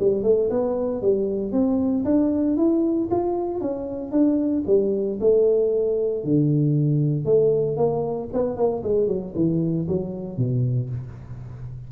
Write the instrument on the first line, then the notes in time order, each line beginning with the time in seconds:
tuba
0.00 G3
0.24 A3
0.50 B3
1.02 G3
1.52 C4
2.05 D4
2.57 E4
3.11 F4
3.61 C#4
4.12 D4
4.67 G3
5.21 A3
6.24 D3
7.25 A3
7.77 A#3
8.33 B3
8.57 A#3
8.84 G#3
9.08 F#3
9.35 E3
9.88 F#3
10.38 B2